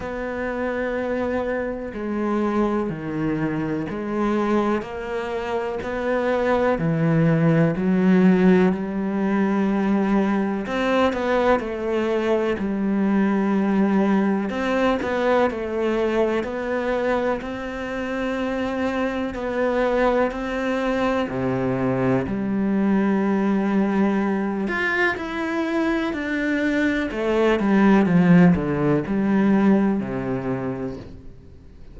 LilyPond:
\new Staff \with { instrumentName = "cello" } { \time 4/4 \tempo 4 = 62 b2 gis4 dis4 | gis4 ais4 b4 e4 | fis4 g2 c'8 b8 | a4 g2 c'8 b8 |
a4 b4 c'2 | b4 c'4 c4 g4~ | g4. f'8 e'4 d'4 | a8 g8 f8 d8 g4 c4 | }